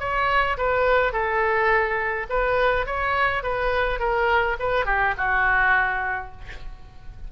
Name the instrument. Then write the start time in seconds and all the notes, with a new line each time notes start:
oboe
0.00 C#5
0.57 B4
1.13 A4
2.30 B4
2.86 C#5
3.43 B4
4.00 A#4
4.59 B4
4.86 G4
5.17 F#4